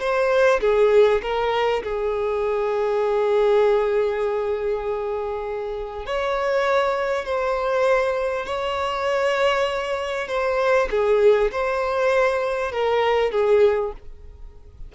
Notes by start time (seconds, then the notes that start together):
0.00 C5
0.61 G#4
1.22 A#4
1.83 G#4
6.06 C#5
7.25 C5
8.46 C#5
10.28 C5
10.91 G#4
11.52 C5
12.72 A#4
13.32 G#4